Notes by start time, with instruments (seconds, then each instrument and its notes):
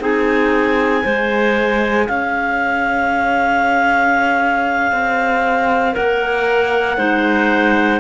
0.00 cello C4, clarinet D#4 G#4 G#5
1.03 cello G#3, clarinet G#4 C5
2.06 cello C#4, clarinet C#5 F5
4.92 cello C4
5.93 cello A#3, clarinet A#4 F#5
6.98 cello G#3, clarinet D#4 C5